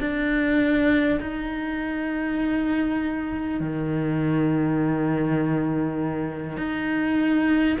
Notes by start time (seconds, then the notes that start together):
0.00 D4
1.20 D#4
3.60 D#3
6.57 D#4